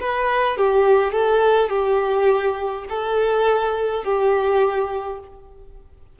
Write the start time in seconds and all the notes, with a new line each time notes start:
0.00 B4
0.57 G4
1.12 A4
1.69 G4
2.88 A4
4.04 G4